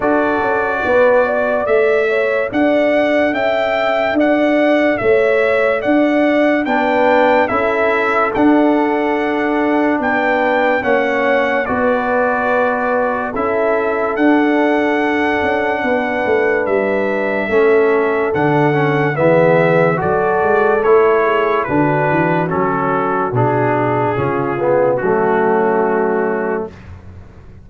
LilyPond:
<<
  \new Staff \with { instrumentName = "trumpet" } { \time 4/4 \tempo 4 = 72 d''2 e''4 fis''4 | g''4 fis''4 e''4 fis''4 | g''4 e''4 fis''2 | g''4 fis''4 d''2 |
e''4 fis''2. | e''2 fis''4 e''4 | d''4 cis''4 b'4 a'4 | gis'2 fis'2 | }
  \new Staff \with { instrumentName = "horn" } { \time 4/4 a'4 b'8 d''4 cis''8 d''4 | e''4 d''4 cis''4 d''4 | b'4 a'2. | b'4 cis''4 b'2 |
a'2. b'4~ | b'4 a'2 gis'4 | a'4. gis'8 fis'2~ | fis'4 f'4 cis'2 | }
  \new Staff \with { instrumentName = "trombone" } { \time 4/4 fis'2 a'2~ | a'1 | d'4 e'4 d'2~ | d'4 cis'4 fis'2 |
e'4 d'2.~ | d'4 cis'4 d'8 cis'8 b4 | fis'4 e'4 d'4 cis'4 | d'4 cis'8 b8 a2 | }
  \new Staff \with { instrumentName = "tuba" } { \time 4/4 d'8 cis'8 b4 a4 d'4 | cis'4 d'4 a4 d'4 | b4 cis'4 d'2 | b4 ais4 b2 |
cis'4 d'4. cis'8 b8 a8 | g4 a4 d4 e4 | fis8 gis8 a4 d8 e8 fis4 | b,4 cis4 fis2 | }
>>